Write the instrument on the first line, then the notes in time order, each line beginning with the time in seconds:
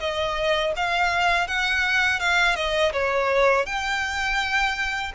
violin
0.00 D#5
0.76 F5
1.48 F#5
2.20 F5
2.56 D#5
2.93 C#5
3.67 G5